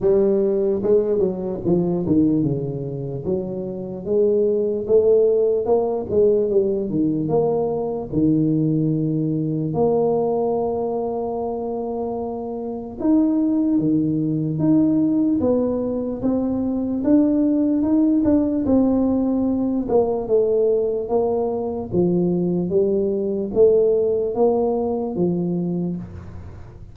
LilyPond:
\new Staff \with { instrumentName = "tuba" } { \time 4/4 \tempo 4 = 74 g4 gis8 fis8 f8 dis8 cis4 | fis4 gis4 a4 ais8 gis8 | g8 dis8 ais4 dis2 | ais1 |
dis'4 dis4 dis'4 b4 | c'4 d'4 dis'8 d'8 c'4~ | c'8 ais8 a4 ais4 f4 | g4 a4 ais4 f4 | }